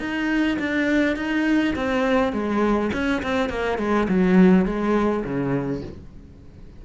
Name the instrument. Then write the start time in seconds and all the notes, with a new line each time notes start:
cello
0.00 D#4
0.60 D4
1.17 D#4
1.76 C4
2.33 G#3
2.93 C#4
3.23 C4
3.50 A#3
3.79 G#3
4.09 F#3
4.66 G#3
5.24 C#3